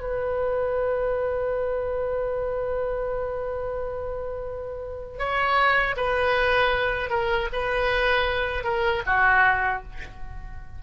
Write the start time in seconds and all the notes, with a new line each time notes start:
0.00 B4
5.18 C#5
5.97 B4
7.09 A#4
7.52 B4
8.64 A#4
9.06 F#4